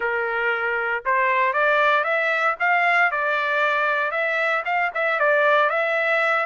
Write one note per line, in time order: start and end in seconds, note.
0.00 1.03 A#4
1.05 1.53 C5
1.53 2.03 D5
2.03 2.55 E5
2.59 3.11 F5
3.11 4.11 D5
4.11 4.63 E5
4.65 4.90 F5
4.94 5.19 E5
5.19 5.69 D5
5.69 6.46 E5